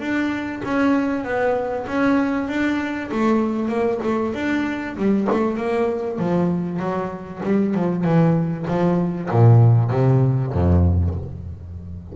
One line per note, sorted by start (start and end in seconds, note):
0.00 0.62 D4
0.65 1.25 C#4
1.25 1.86 B3
1.88 2.49 C#4
2.49 3.10 D4
3.12 3.69 A3
3.69 4.00 A#3
4.04 4.35 A3
4.35 4.97 D4
4.97 5.28 G3
5.32 5.58 A3
5.58 6.19 A#3
6.19 6.80 F3
6.80 7.41 F#3
7.44 7.75 G3
7.75 8.05 F3
8.05 8.67 E3
8.68 9.30 F3
9.31 9.91 A#2
9.91 10.53 C3
10.53 11.15 F2